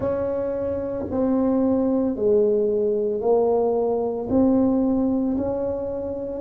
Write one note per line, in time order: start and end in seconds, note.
0.00 1.05 C#4
1.11 2.16 C4
2.16 3.20 G#3
3.20 4.28 A#3
4.29 5.36 C4
5.37 6.40 C#4